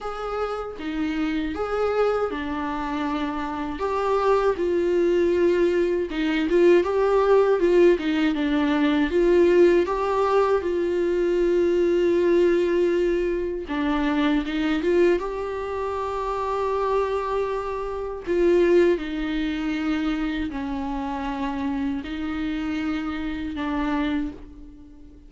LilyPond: \new Staff \with { instrumentName = "viola" } { \time 4/4 \tempo 4 = 79 gis'4 dis'4 gis'4 d'4~ | d'4 g'4 f'2 | dis'8 f'8 g'4 f'8 dis'8 d'4 | f'4 g'4 f'2~ |
f'2 d'4 dis'8 f'8 | g'1 | f'4 dis'2 cis'4~ | cis'4 dis'2 d'4 | }